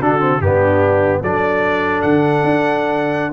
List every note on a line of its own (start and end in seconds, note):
0.00 0.39 D3
0.00 0.20 D4
0.00 0.40 F#4
0.00 0.41 A4
0.20 0.40 C4
0.39 1.20 G2
0.39 1.24 B3
0.39 1.20 D4
0.39 1.22 G4
1.20 2.03 F#3
1.20 3.32 D4
1.20 3.31 A4
1.20 2.02 D5
2.02 2.43 D3
2.02 3.32 F#5
2.43 3.32 D4